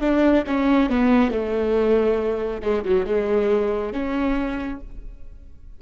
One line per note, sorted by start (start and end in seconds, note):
0.00 0.43 D4
0.46 0.89 C#4
0.89 1.31 B3
1.31 2.61 A3
2.61 2.83 G#3
2.84 3.06 F#3
3.06 3.92 G#3
3.92 4.79 C#4